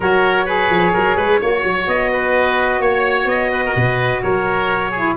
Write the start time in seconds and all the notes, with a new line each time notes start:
0.00 F#3 F#4 A#4 C#5
0.45 G#4 B4
0.69 F3
0.93 F#3 A#4
1.16 G#3 B4
1.41 A#3 F#4 C#5
1.63 F#3
1.87 B3 D#5
2.12 B4
2.79 A#3 C#5
3.25 B3 D#5
3.52 B4
3.65 A#4
3.74 B2 B4
4.22 F#3 A#4 C#5
4.90 E4 G#4